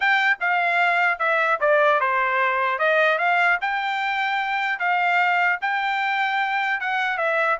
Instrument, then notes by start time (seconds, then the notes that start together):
trumpet
0.00 G5
0.40 F5
1.19 E5
1.60 D5
2.00 C5
2.79 D#5
3.18 F5
3.61 G5
4.79 F5
5.61 G5
6.80 F#5
7.17 E5